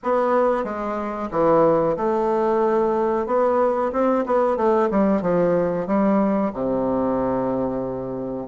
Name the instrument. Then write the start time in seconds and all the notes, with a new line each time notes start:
bassoon
0.03 B3
0.63 G#3
1.31 E3
1.96 A3
3.26 B3
3.92 C4
4.26 B3
4.56 A3
4.90 G3
5.21 F3
5.87 G3
6.53 C3